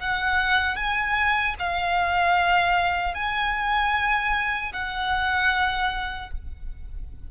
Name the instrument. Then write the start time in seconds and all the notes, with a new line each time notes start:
violin
0.00 F#5
0.76 G#5
1.59 F5
3.15 G#5
4.73 F#5